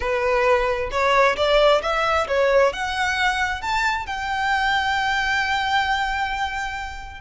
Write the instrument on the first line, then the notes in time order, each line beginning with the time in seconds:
violin
0.00 B4
0.91 C#5
1.36 D5
1.82 E5
2.27 C#5
2.73 F#5
3.61 A5
4.06 G5